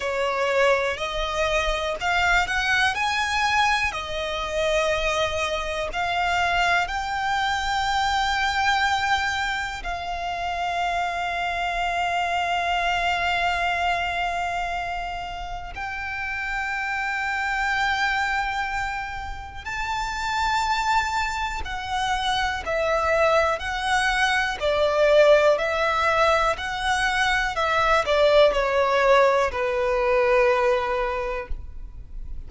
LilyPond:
\new Staff \with { instrumentName = "violin" } { \time 4/4 \tempo 4 = 61 cis''4 dis''4 f''8 fis''8 gis''4 | dis''2 f''4 g''4~ | g''2 f''2~ | f''1 |
g''1 | a''2 fis''4 e''4 | fis''4 d''4 e''4 fis''4 | e''8 d''8 cis''4 b'2 | }